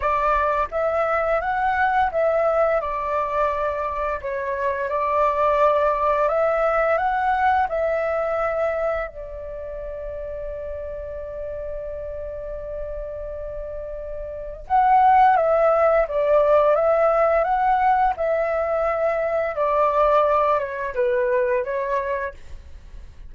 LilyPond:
\new Staff \with { instrumentName = "flute" } { \time 4/4 \tempo 4 = 86 d''4 e''4 fis''4 e''4 | d''2 cis''4 d''4~ | d''4 e''4 fis''4 e''4~ | e''4 d''2.~ |
d''1~ | d''4 fis''4 e''4 d''4 | e''4 fis''4 e''2 | d''4. cis''8 b'4 cis''4 | }